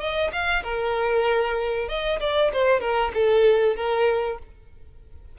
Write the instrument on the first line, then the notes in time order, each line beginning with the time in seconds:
violin
0.00 D#5
0.33 F5
0.64 A#4
1.89 D#5
2.20 D5
2.53 C5
2.81 A#4
3.14 A4
3.76 A#4